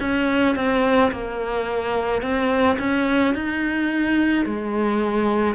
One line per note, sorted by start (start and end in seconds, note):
0.00 0.56 C#4
0.56 1.11 C4
1.11 2.22 A#3
2.22 2.77 C4
2.78 3.34 C#4
3.34 4.45 D#4
4.45 5.55 G#3